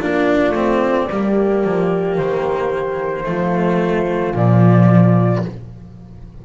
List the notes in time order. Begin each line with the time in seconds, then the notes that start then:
0.00 A#3 D4 F4 D5
0.50 A3 C4
1.10 G3 A#3 G4
1.64 F3
2.17 D#3 C5
3.24 F3 A3 F4
4.34 A#2 F3 D5